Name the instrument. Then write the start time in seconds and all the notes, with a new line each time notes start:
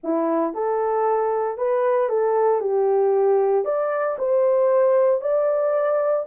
horn
0.03 E4
0.54 A4
1.57 B4
2.09 A4
2.60 G4
3.64 D5
4.18 C5
5.21 D5